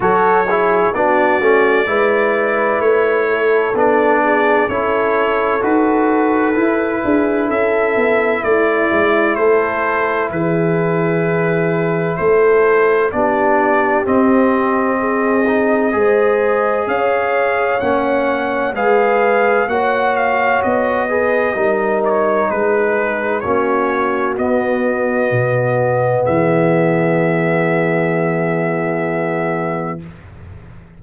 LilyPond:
<<
  \new Staff \with { instrumentName = "trumpet" } { \time 4/4 \tempo 4 = 64 cis''4 d''2 cis''4 | d''4 cis''4 b'2 | e''4 d''4 c''4 b'4~ | b'4 c''4 d''4 dis''4~ |
dis''2 f''4 fis''4 | f''4 fis''8 f''8 dis''4. cis''8 | b'4 cis''4 dis''2 | e''1 | }
  \new Staff \with { instrumentName = "horn" } { \time 4/4 a'8 gis'8 fis'4 b'4. a'8~ | a'8 gis'8 a'2~ a'8 gis'8 | a'4 e'4 a'4 gis'4~ | gis'4 a'4 g'2 |
gis'4 c''4 cis''2 | b'4 cis''4. b'8 ais'4 | gis'4 fis'2. | gis'1 | }
  \new Staff \with { instrumentName = "trombone" } { \time 4/4 fis'8 e'8 d'8 cis'8 e'2 | d'4 e'4 fis'4 e'4~ | e'1~ | e'2 d'4 c'4~ |
c'8 dis'8 gis'2 cis'4 | gis'4 fis'4. gis'8 dis'4~ | dis'4 cis'4 b2~ | b1 | }
  \new Staff \with { instrumentName = "tuba" } { \time 4/4 fis4 b8 a8 gis4 a4 | b4 cis'4 dis'4 e'8 d'8 | cis'8 b8 a8 gis8 a4 e4~ | e4 a4 b4 c'4~ |
c'4 gis4 cis'4 ais4 | gis4 ais4 b4 g4 | gis4 ais4 b4 b,4 | e1 | }
>>